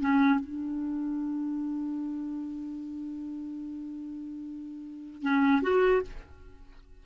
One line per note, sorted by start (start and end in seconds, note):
0.00 0.39 C#4
0.39 5.22 D4
5.22 5.62 C#4
5.62 6.02 F#4